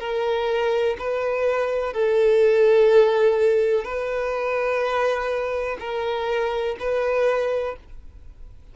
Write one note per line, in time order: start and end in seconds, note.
0.00 0.97 A#4
0.99 1.94 B4
1.94 3.84 A4
3.84 5.78 B4
5.80 6.77 A#4
6.80 7.76 B4